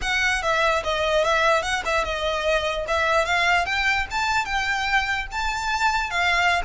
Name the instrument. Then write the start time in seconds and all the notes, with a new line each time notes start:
violin
0.01 F#5
0.42 E5
0.83 D#5
1.24 E5
1.62 F#5
1.85 E5
2.04 D#5
2.87 E5
3.25 F5
3.65 G5
4.10 A5
4.45 G5
5.31 A5
6.10 F5